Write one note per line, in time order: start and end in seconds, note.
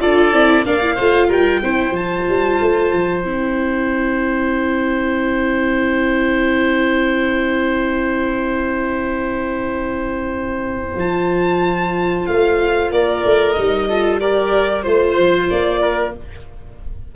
0.00 0.33 D4
0.00 0.32 F4
0.00 0.66 A4
0.00 0.65 D5
0.32 0.65 C4
0.32 0.65 E4
0.65 0.99 A#3
0.65 0.81 D4
0.65 0.95 D5
0.65 1.30 F5
0.82 0.98 E4
0.95 1.28 A3
0.95 1.63 F4
0.95 1.27 C5
1.28 1.61 G3
1.28 1.60 A#4
1.28 1.96 G5
1.63 1.91 C4
1.63 1.94 E4
1.63 12.92 C5
1.91 2.23 F3
1.91 3.23 F4
1.91 3.25 A5
2.28 2.60 G3
2.61 2.92 A3
2.92 3.24 F3
3.24 10.95 C4
3.24 10.97 E4
3.24 10.99 G5
10.95 12.24 F3
10.95 13.55 F4
10.95 12.26 A5
12.26 12.91 A3
12.26 12.91 F5
12.91 13.24 A#3
12.91 13.89 A#4
12.91 13.52 D5
13.25 13.57 A3
13.52 14.86 G3
13.52 13.89 D#4
13.52 14.17 D#5
13.89 14.21 F4
13.89 14.21 A4
14.20 14.83 G4
14.20 14.85 A#4
14.20 14.83 D5
14.83 15.17 A3
14.83 16.12 F4
14.83 15.47 C5
14.83 15.81 C5
15.17 15.50 F3
15.50 16.16 A#3
15.50 16.14 D5
15.81 16.13 A#4